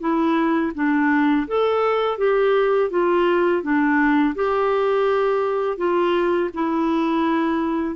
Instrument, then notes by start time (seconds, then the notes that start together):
clarinet
0.00 E4
0.75 D4
1.47 A4
2.18 G4
2.90 F4
3.62 D4
4.35 G4
5.77 F4
6.54 E4